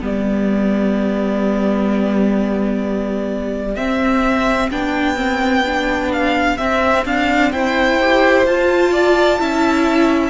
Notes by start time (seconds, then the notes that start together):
0.00 G3 B3 G4 D5
3.75 C4 E5
4.70 B3 D4 G5
5.15 C4
5.65 D4
6.12 F5
6.57 C4 E5
7.05 D4 F5
7.52 E4 C5 G5
8.00 G4
8.46 F4 A5
8.91 D5
9.39 C#4 E4 E5